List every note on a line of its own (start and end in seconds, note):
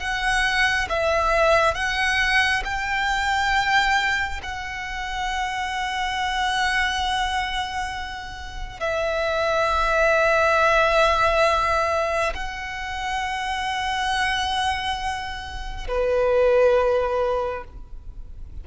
0.00 0.88 F#5
0.90 1.75 E5
1.75 2.63 F#5
2.65 4.41 G5
4.43 8.80 F#5
8.80 12.33 E5
12.35 15.88 F#5
15.88 17.64 B4